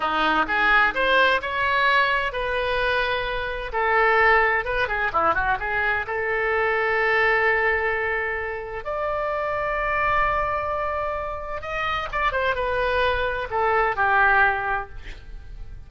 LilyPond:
\new Staff \with { instrumentName = "oboe" } { \time 4/4 \tempo 4 = 129 dis'4 gis'4 c''4 cis''4~ | cis''4 b'2. | a'2 b'8 gis'8 e'8 fis'8 | gis'4 a'2.~ |
a'2. d''4~ | d''1~ | d''4 dis''4 d''8 c''8 b'4~ | b'4 a'4 g'2 | }